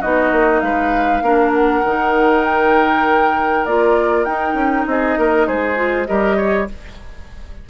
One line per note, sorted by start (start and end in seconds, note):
0.00 0.31 B3
0.00 1.23 D#4
0.00 0.61 F#4
0.00 0.60 D#5
0.31 0.61 A#3
0.60 1.21 G#3
0.60 1.23 B4
0.60 1.51 F5
1.21 1.82 A#3
1.21 1.84 D4
1.21 4.86 A#4
1.53 2.44 F#5
1.83 3.65 D#3
1.83 3.67 D#4
2.44 3.65 G5
3.65 4.26 A#3
3.65 4.27 F4
3.65 4.24 D5
4.24 4.53 D#4
4.24 5.75 D#4
4.24 4.85 G5
4.53 4.84 C#4
4.86 5.17 C4
4.86 5.18 G#4
4.86 5.47 D#5
5.17 5.47 A#3
5.17 5.47 A#4
5.47 6.07 G#3
5.47 6.07 G#4
5.47 6.06 C5
5.75 6.06 F4
6.06 6.69 G3
6.06 6.68 G4
6.06 6.36 A#4
6.06 6.67 D#5
6.36 6.67 C#5